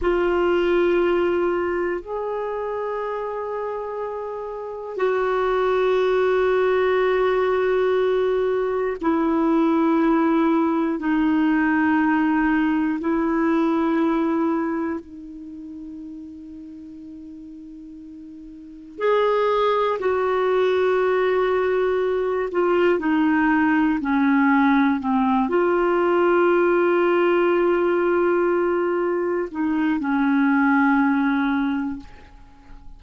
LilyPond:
\new Staff \with { instrumentName = "clarinet" } { \time 4/4 \tempo 4 = 60 f'2 gis'2~ | gis'4 fis'2.~ | fis'4 e'2 dis'4~ | dis'4 e'2 dis'4~ |
dis'2. gis'4 | fis'2~ fis'8 f'8 dis'4 | cis'4 c'8 f'2~ f'8~ | f'4. dis'8 cis'2 | }